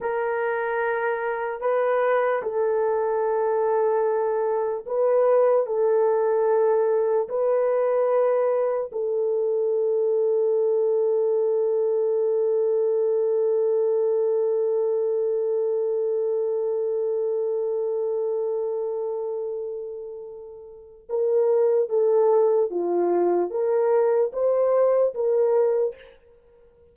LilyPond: \new Staff \with { instrumentName = "horn" } { \time 4/4 \tempo 4 = 74 ais'2 b'4 a'4~ | a'2 b'4 a'4~ | a'4 b'2 a'4~ | a'1~ |
a'1~ | a'1~ | a'2 ais'4 a'4 | f'4 ais'4 c''4 ais'4 | }